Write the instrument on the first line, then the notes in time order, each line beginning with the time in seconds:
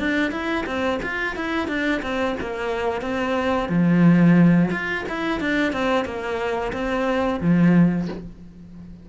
cello
0.00 D4
0.32 E4
0.66 C4
1.03 F4
1.36 E4
1.68 D4
2.03 C4
2.41 A#3
3.02 C4
3.69 F3
4.71 F4
5.09 E4
5.41 D4
5.73 C4
6.05 A#3
6.73 C4
7.41 F3